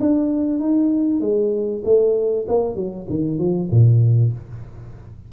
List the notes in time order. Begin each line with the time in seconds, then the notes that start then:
0.00 D4
0.60 D#4
1.21 G#3
1.84 A3
2.48 A#3
2.76 F#3
3.10 D#3
3.38 F3
3.71 A#2